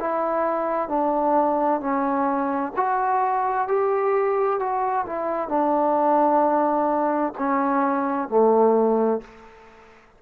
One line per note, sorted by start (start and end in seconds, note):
0.00 0.89 E4
0.89 1.80 D4
1.80 2.73 C#4
2.76 3.68 F#4
3.68 4.59 G4
4.59 5.06 F#4
5.06 5.49 E4
5.49 7.33 D4
7.38 8.29 C#4
8.29 9.21 A3